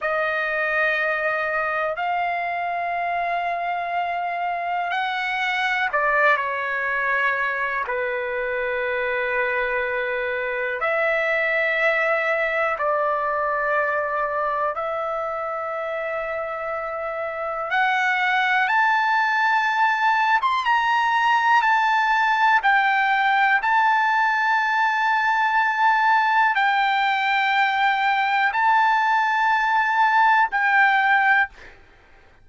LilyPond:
\new Staff \with { instrumentName = "trumpet" } { \time 4/4 \tempo 4 = 61 dis''2 f''2~ | f''4 fis''4 d''8 cis''4. | b'2. e''4~ | e''4 d''2 e''4~ |
e''2 fis''4 a''4~ | a''8. c'''16 ais''4 a''4 g''4 | a''2. g''4~ | g''4 a''2 g''4 | }